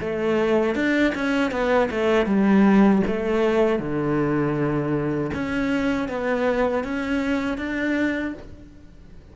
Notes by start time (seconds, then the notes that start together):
0.00 A3
0.75 D4
1.15 C#4
1.51 B3
1.91 A3
2.26 G3
3.07 A3
3.79 D3
5.33 C#4
6.08 B3
6.84 C#4
7.57 D4